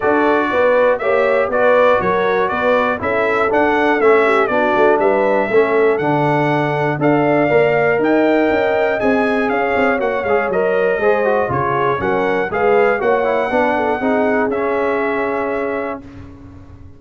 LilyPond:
<<
  \new Staff \with { instrumentName = "trumpet" } { \time 4/4 \tempo 4 = 120 d''2 e''4 d''4 | cis''4 d''4 e''4 fis''4 | e''4 d''4 e''2 | fis''2 f''2 |
g''2 gis''4 f''4 | fis''8 f''8 dis''2 cis''4 | fis''4 f''4 fis''2~ | fis''4 e''2. | }
  \new Staff \with { instrumentName = "horn" } { \time 4/4 a'4 b'4 cis''4 b'4 | ais'4 b'4 a'2~ | a'8 g'8 fis'4 b'4 a'4~ | a'2 d''2 |
dis''2. cis''4~ | cis''2 c''4 gis'4 | ais'4 b'4 cis''4 b'8 a'8 | gis'1 | }
  \new Staff \with { instrumentName = "trombone" } { \time 4/4 fis'2 g'4 fis'4~ | fis'2 e'4 d'4 | cis'4 d'2 cis'4 | d'2 a'4 ais'4~ |
ais'2 gis'2 | fis'8 gis'8 ais'4 gis'8 fis'8 f'4 | cis'4 gis'4 fis'8 e'8 d'4 | dis'4 cis'2. | }
  \new Staff \with { instrumentName = "tuba" } { \time 4/4 d'4 b4 ais4 b4 | fis4 b4 cis'4 d'4 | a4 b8 a8 g4 a4 | d2 d'4 ais4 |
dis'4 cis'4 c'4 cis'8 c'8 | ais8 gis8 fis4 gis4 cis4 | fis4 gis4 ais4 b4 | c'4 cis'2. | }
>>